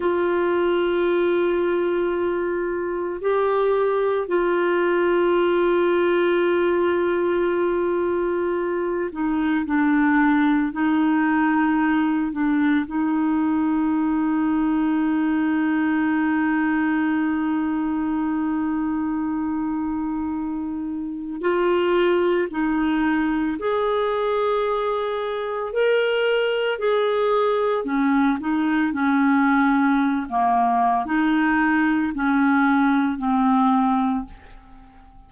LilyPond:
\new Staff \with { instrumentName = "clarinet" } { \time 4/4 \tempo 4 = 56 f'2. g'4 | f'1~ | f'8 dis'8 d'4 dis'4. d'8 | dis'1~ |
dis'1 | f'4 dis'4 gis'2 | ais'4 gis'4 cis'8 dis'8 cis'4~ | cis'16 ais8. dis'4 cis'4 c'4 | }